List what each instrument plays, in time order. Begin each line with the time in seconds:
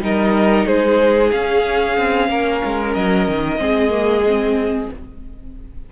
0.00 cello G3, viola D#4, violin A#4 D#5
0.66 cello G#3, violin G#4 C5
1.31 cello C#4, viola C#4, violin F5
1.97 cello C4
2.29 cello A#3, violin A#4
2.64 cello G#3
2.93 cello F#3, violin D#5
3.28 cello D#3
3.58 cello G#3, viola C4, violin G#4
3.90 viola A#3
4.27 viola C4